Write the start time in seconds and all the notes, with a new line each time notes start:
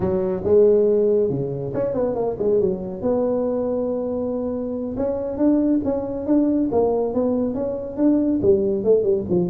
0.00 F#3
0.44 G#3
1.29 C#3
1.73 C#4
1.93 B3
2.15 A#3
2.38 G#3
2.60 F#3
3.01 B3
4.96 C#4
5.37 D4
5.84 C#4
6.26 D4
6.71 A#3
7.14 B3
7.54 C#4
7.96 D4
8.42 G3
8.84 A3
9.03 G3
9.29 F3